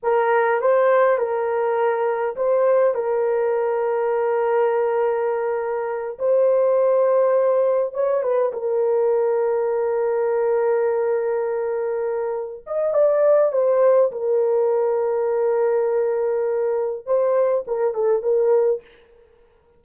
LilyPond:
\new Staff \with { instrumentName = "horn" } { \time 4/4 \tempo 4 = 102 ais'4 c''4 ais'2 | c''4 ais'2.~ | ais'2~ ais'8 c''4.~ | c''4. cis''8 b'8 ais'4.~ |
ais'1~ | ais'4. dis''8 d''4 c''4 | ais'1~ | ais'4 c''4 ais'8 a'8 ais'4 | }